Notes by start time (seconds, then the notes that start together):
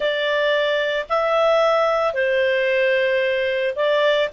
0.00 D5
1.09 E5
2.13 C5
3.75 D5